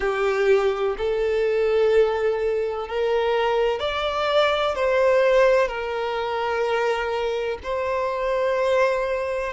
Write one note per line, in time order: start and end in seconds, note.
0.00 0.95 G4
0.97 2.87 A4
2.87 3.79 A#4
3.79 4.74 D5
4.74 5.68 C5
5.68 7.58 A#4
7.63 9.53 C5